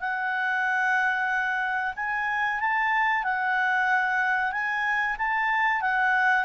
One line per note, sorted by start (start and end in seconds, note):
0.00 1.94 F#5
1.96 2.60 G#5
2.60 3.24 A5
3.24 4.52 F#5
4.52 5.16 G#5
5.18 5.82 A5
5.82 6.45 F#5